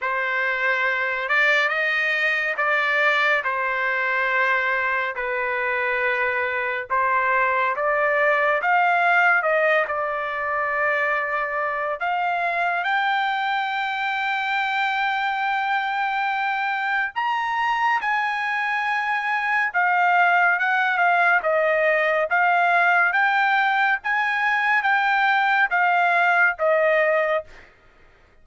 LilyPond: \new Staff \with { instrumentName = "trumpet" } { \time 4/4 \tempo 4 = 70 c''4. d''8 dis''4 d''4 | c''2 b'2 | c''4 d''4 f''4 dis''8 d''8~ | d''2 f''4 g''4~ |
g''1 | ais''4 gis''2 f''4 | fis''8 f''8 dis''4 f''4 g''4 | gis''4 g''4 f''4 dis''4 | }